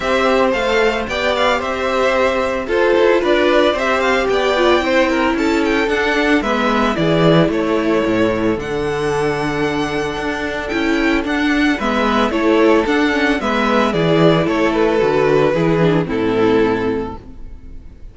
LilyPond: <<
  \new Staff \with { instrumentName = "violin" } { \time 4/4 \tempo 4 = 112 e''4 f''4 g''8 f''8 e''4~ | e''4 c''4 d''4 e''8 f''8 | g''2 a''8 g''8 fis''4 | e''4 d''4 cis''2 |
fis''1 | g''4 fis''4 e''4 cis''4 | fis''4 e''4 d''4 cis''8 b'8~ | b'2 a'2 | }
  \new Staff \with { instrumentName = "violin" } { \time 4/4 c''2 d''4 c''4~ | c''4 a'4 b'4 c''4 | d''4 c''8 ais'8 a'2 | b'4 gis'4 a'2~ |
a'1~ | a'2 b'4 a'4~ | a'4 b'4 gis'4 a'4~ | a'4 gis'4 e'2 | }
  \new Staff \with { instrumentName = "viola" } { \time 4/4 g'4 a'4 g'2~ | g'4 f'2 g'4~ | g'8 f'8 e'2 d'4 | b4 e'2. |
d'1 | e'4 d'4 b4 e'4 | d'8 cis'8 b4 e'2 | fis'4 e'8 d'8 c'2 | }
  \new Staff \with { instrumentName = "cello" } { \time 4/4 c'4 a4 b4 c'4~ | c'4 f'8 e'8 d'4 c'4 | b4 c'4 cis'4 d'4 | gis4 e4 a4 a,4 |
d2. d'4 | cis'4 d'4 gis4 a4 | d'4 gis4 e4 a4 | d4 e4 a,2 | }
>>